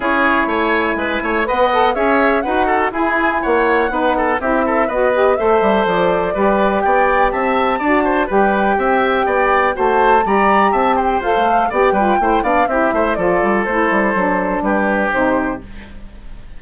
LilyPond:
<<
  \new Staff \with { instrumentName = "flute" } { \time 4/4 \tempo 4 = 123 cis''4 gis''2 fis''4 | e''4 fis''4 gis''4 fis''4~ | fis''4 e''4 dis''4 e''4 | d''2 g''4 a''4~ |
a''4 g''2. | a''4 ais''4 a''8 g''8 f''4 | g''4. f''8 e''4 d''4 | c''2 b'4 c''4 | }
  \new Staff \with { instrumentName = "oboe" } { \time 4/4 gis'4 cis''4 b'8 cis''8 dis''4 | cis''4 b'8 a'8 gis'4 cis''4 | b'8 a'8 g'8 a'8 b'4 c''4~ | c''4 b'4 d''4 e''4 |
d''8 c''8 b'4 e''4 d''4 | c''4 d''4 e''8 c''4. | d''8 b'8 c''8 d''8 g'8 c''8 a'4~ | a'2 g'2 | }
  \new Staff \with { instrumentName = "saxophone" } { \time 4/4 e'2. b'8 a'8 | gis'4 fis'4 e'2 | dis'4 e'4 fis'8 g'8 a'4~ | a'4 g'2. |
fis'4 g'2. | fis'4 g'2 a'4 | g'8 f'8 e'8 d'8 e'4 f'4 | e'4 d'2 dis'4 | }
  \new Staff \with { instrumentName = "bassoon" } { \time 4/4 cis'4 a4 gis8 a8 b4 | cis'4 dis'4 e'4 ais4 | b4 c'4 b4 a8 g8 | f4 g4 b4 c'4 |
d'4 g4 c'4 b4 | a4 g4 c'4 f'16 a8. | b8 g8 a8 b8 c'8 a8 f8 g8 | a8 g8 fis4 g4 c4 | }
>>